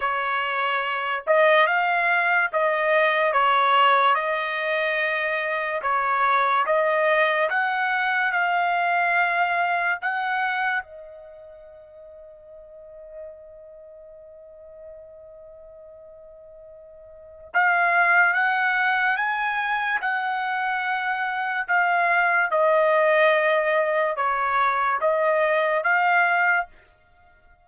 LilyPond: \new Staff \with { instrumentName = "trumpet" } { \time 4/4 \tempo 4 = 72 cis''4. dis''8 f''4 dis''4 | cis''4 dis''2 cis''4 | dis''4 fis''4 f''2 | fis''4 dis''2.~ |
dis''1~ | dis''4 f''4 fis''4 gis''4 | fis''2 f''4 dis''4~ | dis''4 cis''4 dis''4 f''4 | }